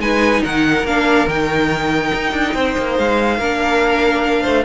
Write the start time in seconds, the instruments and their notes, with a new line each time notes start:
0.00 cello G#3, viola D#4, violin B4 G#5
0.43 cello D#3, violin A#4 F#5
0.84 cello A#3, viola D4, violin F5
1.28 cello D#3, viola D#4, violin G5
2.14 cello D#4
2.33 cello D4
2.54 cello C4, violin C5
2.78 cello A#3
2.99 cello G#3, violin F5
3.39 cello A#3, viola D4, violin A#4
4.43 cello A3, violin C5